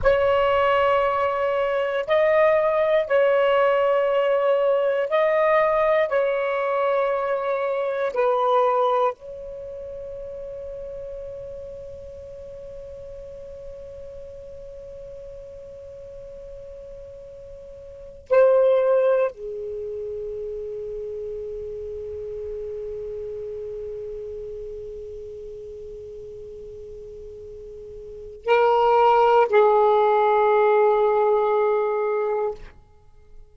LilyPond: \new Staff \with { instrumentName = "saxophone" } { \time 4/4 \tempo 4 = 59 cis''2 dis''4 cis''4~ | cis''4 dis''4 cis''2 | b'4 cis''2.~ | cis''1~ |
cis''2 c''4 gis'4~ | gis'1~ | gis'1 | ais'4 gis'2. | }